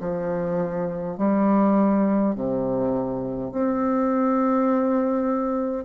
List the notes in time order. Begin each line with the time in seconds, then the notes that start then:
0.00 F3
1.18 G3
2.35 C3
3.51 C4